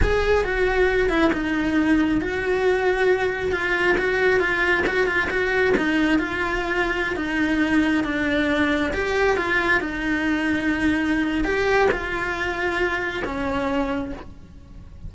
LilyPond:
\new Staff \with { instrumentName = "cello" } { \time 4/4 \tempo 4 = 136 gis'4 fis'4. e'8 dis'4~ | dis'4 fis'2. | f'4 fis'4 f'4 fis'8 f'8 | fis'4 dis'4 f'2~ |
f'16 dis'2 d'4.~ d'16~ | d'16 g'4 f'4 dis'4.~ dis'16~ | dis'2 g'4 f'4~ | f'2 cis'2 | }